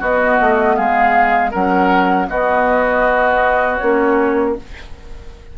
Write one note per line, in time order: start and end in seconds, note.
0.00 0.39 B3
0.00 1.53 B3
0.00 0.76 F#4
0.00 0.76 D#5
0.40 0.78 A3
0.76 1.54 G#3
0.76 1.51 G#4
0.76 1.52 F5
1.51 2.30 F#3
1.51 2.29 C#4
1.51 2.27 A#4
1.51 2.30 F#5
2.29 3.81 B3
2.29 3.82 B3
2.29 4.58 F#4
2.29 3.77 D#5
3.77 4.58 A#3
3.77 4.57 C#4
3.77 4.53 C#5